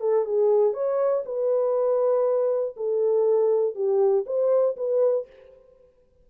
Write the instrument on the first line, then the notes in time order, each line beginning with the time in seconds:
horn
0.00 A4
0.25 G#4
0.73 C#5
1.25 B4
2.76 A4
3.75 G4
4.26 C5
4.76 B4